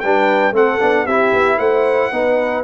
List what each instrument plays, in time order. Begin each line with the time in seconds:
0.00 tuba G3, trombone D4, horn B4, trumpet G5
0.51 tuba A3, trombone C4, horn A4, trumpet F#5
0.80 tuba B3, trombone D4
1.04 tuba C4, trombone E4, horn G4, trumpet E5
1.33 tuba B3
1.58 tuba A3, horn C5, trumpet F#5
2.12 tuba B3, trombone D#4, horn B4